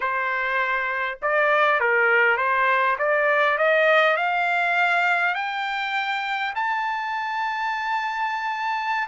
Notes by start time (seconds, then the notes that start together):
0.00 C5
1.22 D5
1.80 A#4
2.37 C5
2.98 D5
3.58 D#5
4.17 F5
5.34 G5
6.55 A5